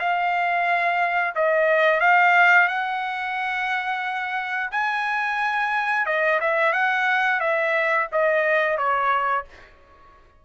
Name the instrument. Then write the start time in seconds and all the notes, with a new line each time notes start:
trumpet
0.00 F5
1.35 D#5
2.01 F5
2.68 F#5
4.71 G#5
6.06 D#5
6.40 E5
6.73 F#5
7.40 E5
8.12 D#5
8.78 C#5